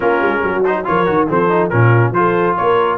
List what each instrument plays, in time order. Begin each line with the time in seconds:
0.00 tuba A#3, trombone C#4, horn F4, trumpet A#4
0.21 tuba G#3
0.43 tuba F#3, horn F#4
0.64 trombone D#4, trumpet C5
0.84 tuba F3, trombone F4, horn A#4, trumpet C#5
1.05 tuba D#3, trombone F#4
1.28 tuba F3, trombone C4, horn A4, trumpet C5
1.48 trombone D#4
1.69 tuba A#2, trombone C#4, horn F4, trumpet A#4
2.11 tuba F3, trombone F4, horn A4, trumpet C5
2.56 tuba A#3, horn A#4, trumpet C#5